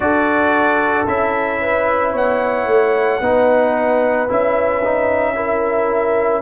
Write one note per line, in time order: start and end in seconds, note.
0.00 1.05 D4
0.00 1.07 F#4
0.00 1.61 A4
0.00 1.06 D5
1.07 2.13 C#4
1.07 3.21 E4
1.07 2.14 E5
1.61 2.12 B4
2.12 2.66 B3
2.12 3.20 C#5
2.12 4.30 F#5
2.66 3.19 A3
3.20 4.27 B3
3.20 4.28 D#4
3.20 5.34 B4
4.28 6.41 C#4
4.28 4.82 E4
4.28 6.41 E5
4.83 5.35 D#4
5.35 6.41 E4
5.35 6.41 A#4